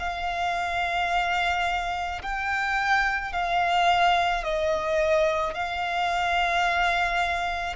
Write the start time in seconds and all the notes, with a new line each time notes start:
0.00 F5
2.23 G5
3.33 F5
4.44 D#5
5.55 F5